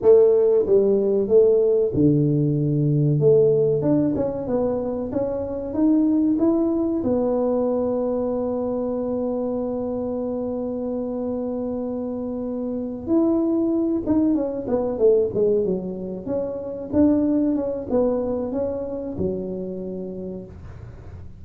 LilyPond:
\new Staff \with { instrumentName = "tuba" } { \time 4/4 \tempo 4 = 94 a4 g4 a4 d4~ | d4 a4 d'8 cis'8 b4 | cis'4 dis'4 e'4 b4~ | b1~ |
b1~ | b8 e'4. dis'8 cis'8 b8 a8 | gis8 fis4 cis'4 d'4 cis'8 | b4 cis'4 fis2 | }